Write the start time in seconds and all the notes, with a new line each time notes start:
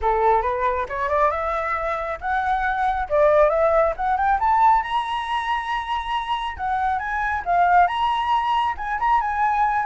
0.01 A4
0.42 B4
0.89 C#5
1.08 D5
1.30 E5
2.20 F#5
3.09 D5
3.49 E5
3.96 F#5
4.17 G5
4.39 A5
4.82 A#5
6.57 F#5
6.98 G#5
7.45 F5
7.87 A#5
8.77 G#5
8.99 A#5
9.20 G#5